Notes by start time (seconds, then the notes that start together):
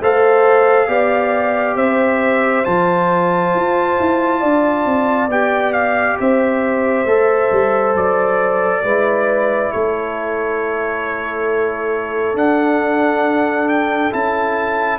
0.00 A3 A4 C5 F5
0.87 B3 G4 D5
1.76 C4 C5 E5
2.64 F3 F4 A5
3.55 F4
4.00 E4
4.40 D4 D5
4.86 C4
5.28 B3 G4 G5
5.73 F5
6.19 C4 C5 E5
7.05 A3 A4
7.51 G3
7.95 F#3 D5
8.83 G#3 E4 B4
9.72 A3 A4 C#5
12.34 D4 F#5
13.68 G5
14.11 C#4 E4 A5